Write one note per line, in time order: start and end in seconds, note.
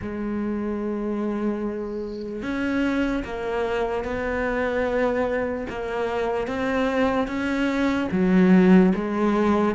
0.01 2.42 G#3
2.42 3.23 C#4
3.24 4.04 A#3
4.04 5.66 B3
5.69 6.47 A#3
6.47 7.27 C4
7.27 8.08 C#4
8.11 8.92 F#3
8.94 9.75 G#3